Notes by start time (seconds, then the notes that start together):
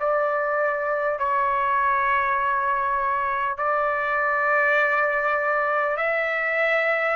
0.00 D5
1.19 C#5
3.58 D5
5.97 E5